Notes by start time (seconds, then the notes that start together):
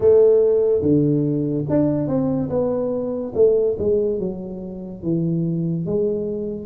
0.00 A3
0.81 D3
1.69 D4
2.07 C4
2.49 B3
3.34 A3
3.78 G#3
4.19 F#3
5.02 E3
5.85 G#3